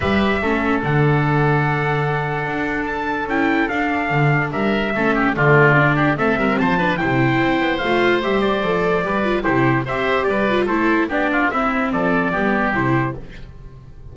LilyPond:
<<
  \new Staff \with { instrumentName = "trumpet" } { \time 4/4 \tempo 4 = 146 e''2 fis''2~ | fis''2. a''4 | g''4 f''2 e''4~ | e''4 d''2 e''4 |
a''4 g''2 f''4 | e''8 d''2~ d''8 c''4 | e''4 d''4 c''4 d''4 | e''4 d''2 c''4 | }
  \new Staff \with { instrumentName = "oboe" } { \time 4/4 b'4 a'2.~ | a'1~ | a'2. ais'4 | a'8 g'8 f'4. g'8 a'8 ais'8 |
c''8 b'8 c''2.~ | c''2 b'4 g'4 | c''4 b'4 a'4 g'8 f'8 | e'4 a'4 g'2 | }
  \new Staff \with { instrumentName = "viola" } { \time 4/4 g'4 cis'4 d'2~ | d'1 | e'4 d'2. | cis'4 a4 d'4 c'4~ |
c'8 d'8 e'2 f'4 | g'4 a'4 g'8 f'8 e'4 | g'4. f'8 e'4 d'4 | c'2 b4 e'4 | }
  \new Staff \with { instrumentName = "double bass" } { \time 4/4 g4 a4 d2~ | d2 d'2 | cis'4 d'4 d4 g4 | a4 d2 a8 g8 |
f4 c4 c'8 b8 a4 | g4 f4 g4 c4 | c'4 g4 a4 b4 | c'4 f4 g4 c4 | }
>>